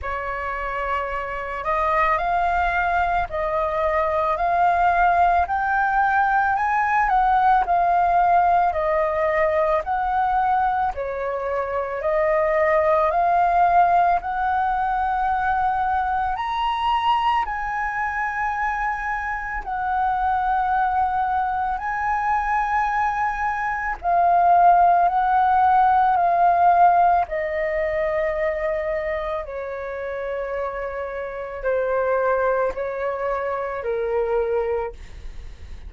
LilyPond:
\new Staff \with { instrumentName = "flute" } { \time 4/4 \tempo 4 = 55 cis''4. dis''8 f''4 dis''4 | f''4 g''4 gis''8 fis''8 f''4 | dis''4 fis''4 cis''4 dis''4 | f''4 fis''2 ais''4 |
gis''2 fis''2 | gis''2 f''4 fis''4 | f''4 dis''2 cis''4~ | cis''4 c''4 cis''4 ais'4 | }